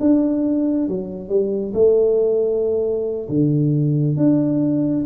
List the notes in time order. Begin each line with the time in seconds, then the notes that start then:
0.00 D4
0.88 F#3
1.29 G3
1.74 A3
3.29 D3
4.17 D4